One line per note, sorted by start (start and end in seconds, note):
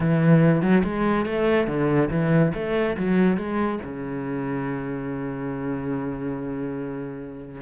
0.00 0.61 E3
0.61 0.83 F#3
0.83 1.25 G#3
1.25 1.67 A3
1.67 2.09 D3
2.10 2.52 E3
2.54 2.96 A3
2.97 3.37 F#3
3.37 3.79 G#3
3.83 7.61 C#3